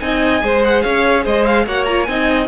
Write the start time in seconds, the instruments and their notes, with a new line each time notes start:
0.00 cello C4, viola D#4, violin D#5 G#5
0.41 cello G#3, viola G#4, violin C5
0.64 violin F#5
0.81 cello C#4, violin C#5 F5
1.23 cello G#3, violin C5 D#5
1.45 violin F5
1.66 cello A#3, viola F#4, violin C#5 F#5
1.85 viola F4, violin A#5
2.03 cello C4, viola D#4, violin D#5 G#5